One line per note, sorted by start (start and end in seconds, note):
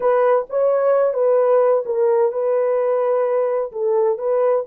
0.00 0.45 B4
0.49 1.13 C#5
1.13 1.83 B4
1.85 2.32 A#4
2.32 3.71 B4
3.72 4.18 A4
4.18 4.65 B4